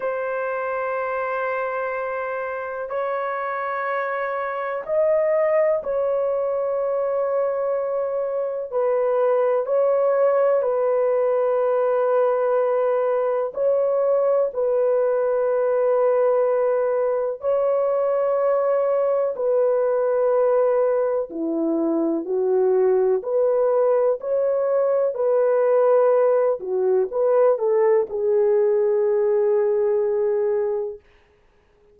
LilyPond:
\new Staff \with { instrumentName = "horn" } { \time 4/4 \tempo 4 = 62 c''2. cis''4~ | cis''4 dis''4 cis''2~ | cis''4 b'4 cis''4 b'4~ | b'2 cis''4 b'4~ |
b'2 cis''2 | b'2 e'4 fis'4 | b'4 cis''4 b'4. fis'8 | b'8 a'8 gis'2. | }